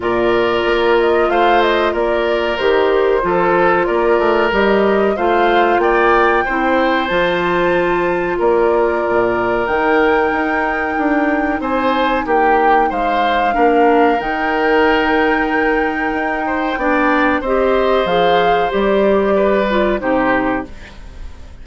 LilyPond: <<
  \new Staff \with { instrumentName = "flute" } { \time 4/4 \tempo 4 = 93 d''4. dis''8 f''8 dis''8 d''4 | c''2 d''4 dis''4 | f''4 g''2 a''4~ | a''4 d''2 g''4~ |
g''2 gis''4 g''4 | f''2 g''2~ | g''2. dis''4 | f''4 d''2 c''4 | }
  \new Staff \with { instrumentName = "oboe" } { \time 4/4 ais'2 c''4 ais'4~ | ais'4 a'4 ais'2 | c''4 d''4 c''2~ | c''4 ais'2.~ |
ais'2 c''4 g'4 | c''4 ais'2.~ | ais'4. c''8 d''4 c''4~ | c''2 b'4 g'4 | }
  \new Staff \with { instrumentName = "clarinet" } { \time 4/4 f'1 | g'4 f'2 g'4 | f'2 e'4 f'4~ | f'2. dis'4~ |
dis'1~ | dis'4 d'4 dis'2~ | dis'2 d'4 g'4 | gis'4 g'4. f'8 dis'4 | }
  \new Staff \with { instrumentName = "bassoon" } { \time 4/4 ais,4 ais4 a4 ais4 | dis4 f4 ais8 a8 g4 | a4 ais4 c'4 f4~ | f4 ais4 ais,4 dis4 |
dis'4 d'4 c'4 ais4 | gis4 ais4 dis2~ | dis4 dis'4 b4 c'4 | f4 g2 c4 | }
>>